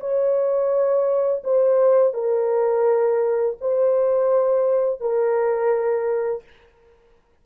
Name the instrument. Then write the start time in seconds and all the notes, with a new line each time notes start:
horn
0.00 C#5
1.44 C5
2.14 A#4
3.61 C5
5.00 A#4